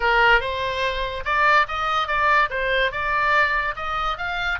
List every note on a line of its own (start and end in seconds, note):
0.00 0.40 A#4
0.40 1.23 C5
1.25 1.66 D5
1.67 2.07 D#5
2.07 2.49 D5
2.50 2.91 C5
2.91 3.75 D5
3.76 4.17 D#5
4.17 4.59 F5